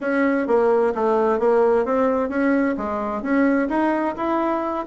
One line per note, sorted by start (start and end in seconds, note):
0.00 0.47 C#4
0.47 0.93 A#3
0.94 1.39 A3
1.39 1.85 A#3
1.85 2.29 C4
2.29 2.75 C#4
2.77 3.22 G#3
3.22 3.68 C#4
3.69 4.15 D#4
4.16 4.85 E4